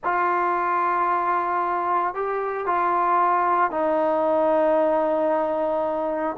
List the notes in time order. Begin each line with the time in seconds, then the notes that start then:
0.04 F4
2.14 G4
2.66 F4
3.70 D#4